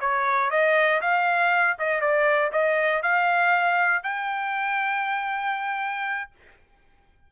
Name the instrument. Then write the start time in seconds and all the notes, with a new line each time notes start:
trumpet
0.00 C#5
0.50 D#5
1.01 F5
1.78 D#5
2.01 D5
2.52 D#5
3.02 F5
4.03 G5